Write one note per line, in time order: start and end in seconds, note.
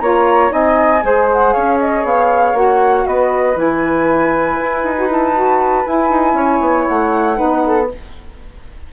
0.00 0.52 A#3
0.00 0.49 F4
0.00 0.52 C#5
0.00 0.51 A#5
0.49 1.03 C4
0.49 1.00 D#4
0.49 1.03 D#5
0.49 1.29 G#5
1.03 1.54 G#3
1.03 2.54 G#4
1.03 1.53 C5
1.32 1.53 F#5
1.53 2.04 C#4
1.53 3.06 C#5
1.53 1.78 F5
1.80 2.05 D#5
2.04 2.53 B3
2.04 2.56 F5
2.53 3.04 A#3
2.53 3.54 F#4
2.53 3.07 F#5
3.07 3.56 B3
3.07 6.36 B4
3.07 3.58 D#5
3.54 4.58 E3
3.54 4.94 E4
3.54 5.11 G#5
4.60 4.83 E4
4.83 5.85 D#4
4.98 5.08 F#4
5.08 5.34 E4
5.08 5.86 A5
5.34 5.85 F#4
5.85 7.36 E4
5.85 6.10 E4
5.85 6.87 G#5
6.10 6.33 D#4
6.33 6.59 C#4
6.33 7.37 C#5
6.60 6.86 B3
6.87 7.41 A3
6.87 7.89 F#5
7.36 7.92 B3
7.36 7.87 D#4
7.36 7.62 B4
7.66 7.91 A4